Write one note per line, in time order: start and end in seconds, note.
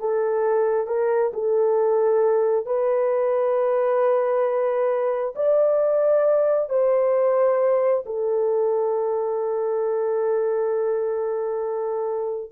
0.00 0.87 A4
0.87 1.32 A#4
1.34 2.66 A4
2.66 5.34 B4
5.36 6.70 D5
6.70 8.04 C5
8.06 12.52 A4